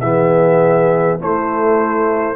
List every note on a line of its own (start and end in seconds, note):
0.00 1.20 E3
0.00 1.19 B3
0.00 1.19 G#4
0.00 1.18 E5
1.19 2.36 A3
1.19 2.36 E4
1.19 2.36 C5